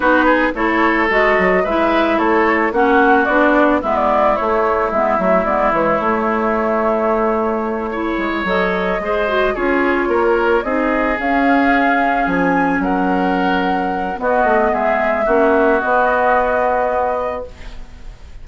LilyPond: <<
  \new Staff \with { instrumentName = "flute" } { \time 4/4 \tempo 4 = 110 b'4 cis''4 dis''4 e''4 | cis''4 fis''4 d''4 e''16 d''8. | cis''4 e''4 d''8 cis''4.~ | cis''2.~ cis''8 dis''8~ |
dis''4. cis''2 dis''8~ | dis''8 f''2 gis''4 fis''8~ | fis''2 dis''4 e''4~ | e''4 dis''2. | }
  \new Staff \with { instrumentName = "oboe" } { \time 4/4 fis'8 gis'8 a'2 b'4 | a'4 fis'2 e'4~ | e'1~ | e'2~ e'8 cis''4.~ |
cis''8 c''4 gis'4 ais'4 gis'8~ | gis'2.~ gis'8 ais'8~ | ais'2 fis'4 gis'4 | fis'1 | }
  \new Staff \with { instrumentName = "clarinet" } { \time 4/4 dis'4 e'4 fis'4 e'4~ | e'4 cis'4 d'4 b4 | a4 b8 a8 b8 gis8 a4~ | a2~ a8 e'4 a'8~ |
a'8 gis'8 fis'8 f'2 dis'8~ | dis'8 cis'2.~ cis'8~ | cis'2 b2 | cis'4 b2. | }
  \new Staff \with { instrumentName = "bassoon" } { \time 4/4 b4 a4 gis8 fis8 gis4 | a4 ais4 b4 gis4 | a4 gis8 fis8 gis8 e8 a4~ | a2. gis8 fis8~ |
fis8 gis4 cis'4 ais4 c'8~ | c'8 cis'2 f4 fis8~ | fis2 b8 a8 gis4 | ais4 b2. | }
>>